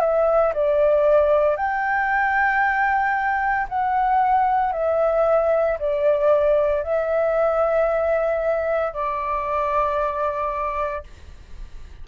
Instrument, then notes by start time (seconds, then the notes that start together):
flute
0.00 E5
0.54 D5
1.56 G5
3.68 F#5
4.73 E5
5.79 D5
6.83 E5
8.93 D5